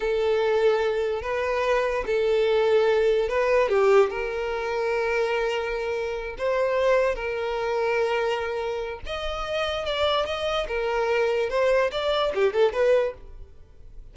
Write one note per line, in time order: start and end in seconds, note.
0.00 1.22 A4
1.22 2.04 B4
2.06 3.28 A4
3.28 3.69 B4
3.69 4.09 G4
4.09 6.35 A#4
6.38 7.15 C5
7.15 9.00 A#4
9.05 9.85 D#5
9.85 10.25 D5
10.25 10.66 D#5
10.67 11.49 A#4
11.49 11.90 C5
11.91 12.32 D5
12.34 12.53 G4
12.53 12.72 A4
12.72 13.14 B4